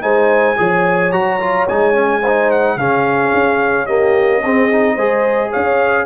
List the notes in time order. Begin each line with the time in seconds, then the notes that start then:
0.00 G#3 D#4 C5 G#5
0.57 F3 G#4 C#5
1.12 F#3 F#4 A#5
1.40 F4
1.68 G#3 D#4 G#5
1.93 C#4
2.21 D#4 C5
2.51 F#5
2.76 C#3 C#4 G#4 F5
3.33 C#4
3.85 A#3 G4 D#5
4.43 C4 G#4
4.71 D#4
4.94 G#3 G#4 C5
5.49 C#5 F5
5.56 C#4